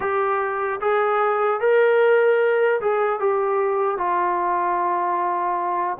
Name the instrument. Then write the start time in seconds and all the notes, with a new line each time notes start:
trombone
0.00 G4
0.80 G#4
1.60 A#4
2.80 G#4
3.19 G4
3.97 F4